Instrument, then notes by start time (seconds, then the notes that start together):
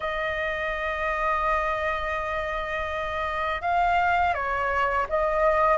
flute
0.00 D#5
3.61 F5
4.34 C#5
5.09 D#5